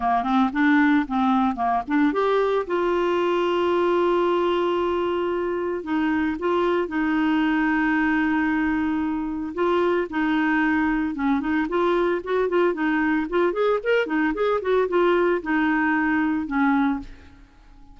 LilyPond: \new Staff \with { instrumentName = "clarinet" } { \time 4/4 \tempo 4 = 113 ais8 c'8 d'4 c'4 ais8 d'8 | g'4 f'2.~ | f'2. dis'4 | f'4 dis'2.~ |
dis'2 f'4 dis'4~ | dis'4 cis'8 dis'8 f'4 fis'8 f'8 | dis'4 f'8 gis'8 ais'8 dis'8 gis'8 fis'8 | f'4 dis'2 cis'4 | }